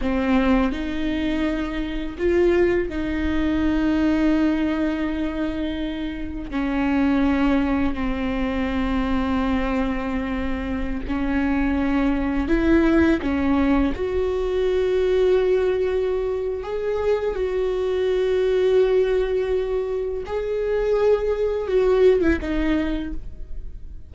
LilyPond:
\new Staff \with { instrumentName = "viola" } { \time 4/4 \tempo 4 = 83 c'4 dis'2 f'4 | dis'1~ | dis'4 cis'2 c'4~ | c'2.~ c'16 cis'8.~ |
cis'4~ cis'16 e'4 cis'4 fis'8.~ | fis'2. gis'4 | fis'1 | gis'2 fis'8. e'16 dis'4 | }